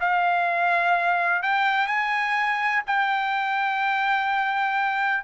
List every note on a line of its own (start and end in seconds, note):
0.00 1.42 F5
1.42 1.87 G5
1.87 2.83 G#5
2.86 5.24 G5